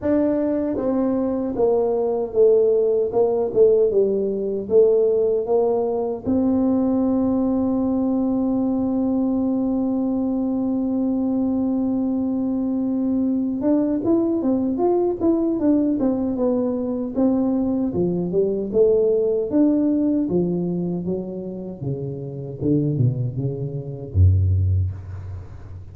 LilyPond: \new Staff \with { instrumentName = "tuba" } { \time 4/4 \tempo 4 = 77 d'4 c'4 ais4 a4 | ais8 a8 g4 a4 ais4 | c'1~ | c'1~ |
c'4. d'8 e'8 c'8 f'8 e'8 | d'8 c'8 b4 c'4 f8 g8 | a4 d'4 f4 fis4 | cis4 d8 b,8 cis4 fis,4 | }